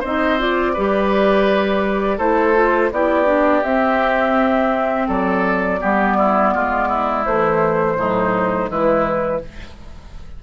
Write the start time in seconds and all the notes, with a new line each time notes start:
0.00 C4 D#4 C5 D#5
0.39 F4 D5
0.74 G3 G4 B4
2.18 A3 E4 A4 C5
2.55 F4
2.92 B3 E4 G4 D5
3.26 D4
3.64 C4 E5
5.08 F#3 A4 D5
5.80 G3 B3 G4
6.18 E4
6.55 G#3 F4
6.88 E4
7.25 E3 A3 C5
7.95 A2 F#3 D#4
8.67 E3 G#3 E4 B4